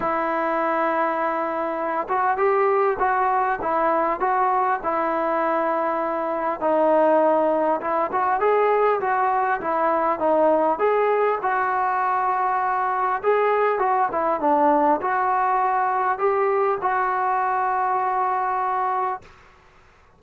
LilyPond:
\new Staff \with { instrumentName = "trombone" } { \time 4/4 \tempo 4 = 100 e'2.~ e'8 fis'8 | g'4 fis'4 e'4 fis'4 | e'2. dis'4~ | dis'4 e'8 fis'8 gis'4 fis'4 |
e'4 dis'4 gis'4 fis'4~ | fis'2 gis'4 fis'8 e'8 | d'4 fis'2 g'4 | fis'1 | }